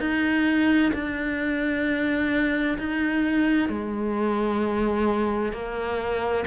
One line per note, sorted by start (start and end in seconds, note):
0.00 0.92 D#4
0.93 2.78 D4
2.78 3.69 D#4
3.69 5.53 G#3
5.53 6.45 A#3